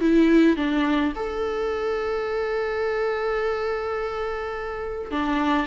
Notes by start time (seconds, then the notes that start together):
0.00 E4
0.56 D4
1.15 A4
5.11 D4